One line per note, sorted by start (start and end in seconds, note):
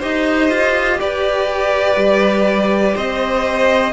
0.00 0.50 D#4
0.00 3.93 G4
0.00 0.98 C5
0.00 1.00 D#5
0.50 1.00 F4
1.00 1.97 G4
1.00 2.95 B4
1.00 2.97 D5
1.97 2.95 G3
2.95 3.93 C4
2.95 3.93 C5
2.95 3.93 D#5